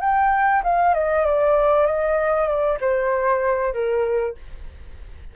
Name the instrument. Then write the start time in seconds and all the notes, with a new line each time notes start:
flute
0.00 G5
0.63 F5
0.94 D#5
1.25 D5
1.86 D#5
2.47 D5
2.80 C5
3.73 A#4